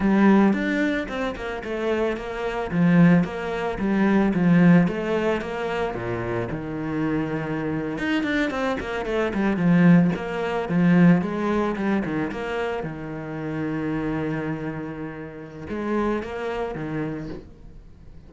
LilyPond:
\new Staff \with { instrumentName = "cello" } { \time 4/4 \tempo 4 = 111 g4 d'4 c'8 ais8 a4 | ais4 f4 ais4 g4 | f4 a4 ais4 ais,4 | dis2~ dis8. dis'8 d'8 c'16~ |
c'16 ais8 a8 g8 f4 ais4 f16~ | f8. gis4 g8 dis8 ais4 dis16~ | dis1~ | dis4 gis4 ais4 dis4 | }